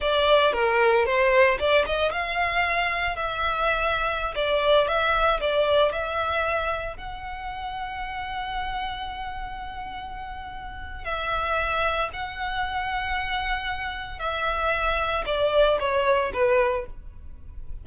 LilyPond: \new Staff \with { instrumentName = "violin" } { \time 4/4 \tempo 4 = 114 d''4 ais'4 c''4 d''8 dis''8 | f''2 e''2~ | e''16 d''4 e''4 d''4 e''8.~ | e''4~ e''16 fis''2~ fis''8.~ |
fis''1~ | fis''4 e''2 fis''4~ | fis''2. e''4~ | e''4 d''4 cis''4 b'4 | }